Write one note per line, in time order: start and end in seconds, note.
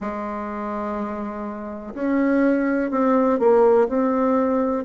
0.00 1.94 G#3
1.94 2.90 C#4
2.90 3.39 C4
3.39 3.87 A#3
3.88 4.84 C4